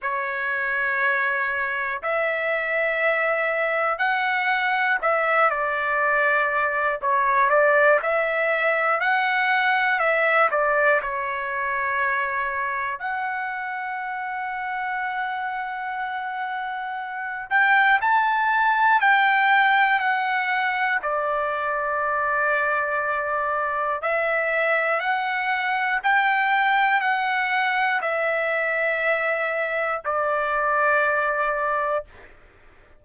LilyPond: \new Staff \with { instrumentName = "trumpet" } { \time 4/4 \tempo 4 = 60 cis''2 e''2 | fis''4 e''8 d''4. cis''8 d''8 | e''4 fis''4 e''8 d''8 cis''4~ | cis''4 fis''2.~ |
fis''4. g''8 a''4 g''4 | fis''4 d''2. | e''4 fis''4 g''4 fis''4 | e''2 d''2 | }